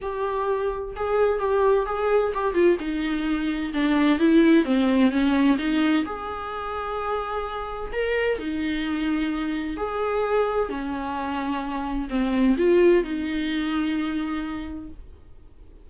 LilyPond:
\new Staff \with { instrumentName = "viola" } { \time 4/4 \tempo 4 = 129 g'2 gis'4 g'4 | gis'4 g'8 f'8 dis'2 | d'4 e'4 c'4 cis'4 | dis'4 gis'2.~ |
gis'4 ais'4 dis'2~ | dis'4 gis'2 cis'4~ | cis'2 c'4 f'4 | dis'1 | }